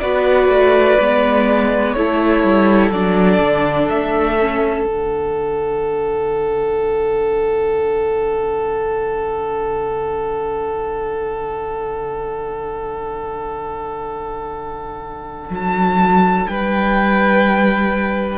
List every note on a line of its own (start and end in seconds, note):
0.00 0.49 B3
0.00 0.99 F#4
0.00 1.96 B4
0.00 1.93 D5
0.49 0.97 A3
1.00 1.96 G#3
1.00 1.97 B3
1.93 2.44 A3
1.93 2.94 E4
1.93 16.50 A4
1.93 2.90 C#5
2.44 2.91 G3
2.91 3.40 F#3
2.91 4.39 D4
2.91 3.89 D5
3.40 3.89 D3
3.90 4.85 A3
3.90 4.85 E5
4.40 4.88 C#4
4.85 15.50 D3
4.85 18.39 D4
4.85 15.50 F#5
15.50 16.47 F#3
15.50 16.48 A5
16.48 18.39 G3
16.48 18.39 B4
16.48 18.39 G5